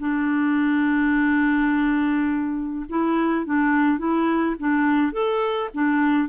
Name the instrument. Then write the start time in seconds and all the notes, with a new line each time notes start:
clarinet
0.00 D4
2.89 E4
3.46 D4
3.99 E4
4.59 D4
5.13 A4
5.74 D4